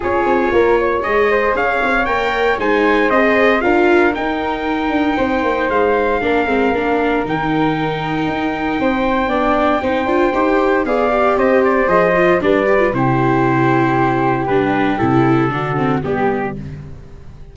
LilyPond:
<<
  \new Staff \with { instrumentName = "trumpet" } { \time 4/4 \tempo 4 = 116 cis''2 dis''4 f''4 | g''4 gis''4 dis''4 f''4 | g''2. f''4~ | f''2 g''2~ |
g''1~ | g''4 f''4 dis''8 d''8 dis''4 | d''4 c''2. | b'4 a'2 g'4 | }
  \new Staff \with { instrumentName = "flute" } { \time 4/4 gis'4 ais'8 cis''4 c''8 cis''4~ | cis''4 c''2 ais'4~ | ais'2 c''2 | ais'1~ |
ais'4 c''4 d''4 c''4~ | c''4 d''4 c''2 | b'4 g'2.~ | g'2 fis'4 g'4 | }
  \new Staff \with { instrumentName = "viola" } { \time 4/4 f'2 gis'2 | ais'4 dis'4 gis'4 f'4 | dis'1 | d'8 c'8 d'4 dis'2~ |
dis'2 d'4 dis'8 f'8 | g'4 gis'8 g'4. gis'8 f'8 | d'8 g'16 f'16 e'2. | d'4 e'4 d'8 c'8 b4 | }
  \new Staff \with { instrumentName = "tuba" } { \time 4/4 cis'8 c'8 ais4 gis4 cis'8 c'8 | ais4 gis4 c'4 d'4 | dis'4. d'8 c'8 ais8 gis4 | ais8 gis8 ais4 dis2 |
dis'4 c'4 b4 c'8 d'8 | dis'4 b4 c'4 f4 | g4 c2. | g4 c4 d4 g4 | }
>>